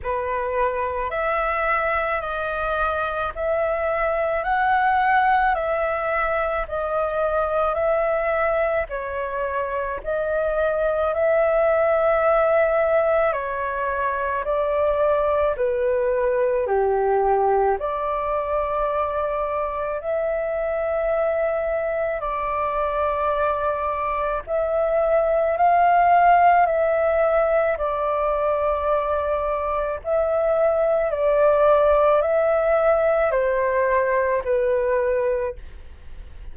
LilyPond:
\new Staff \with { instrumentName = "flute" } { \time 4/4 \tempo 4 = 54 b'4 e''4 dis''4 e''4 | fis''4 e''4 dis''4 e''4 | cis''4 dis''4 e''2 | cis''4 d''4 b'4 g'4 |
d''2 e''2 | d''2 e''4 f''4 | e''4 d''2 e''4 | d''4 e''4 c''4 b'4 | }